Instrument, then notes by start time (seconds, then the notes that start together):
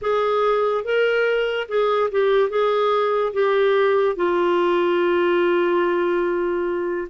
clarinet
0.02 G#4
0.84 A#4
1.68 G#4
2.11 G4
2.49 G#4
3.33 G4
4.16 F4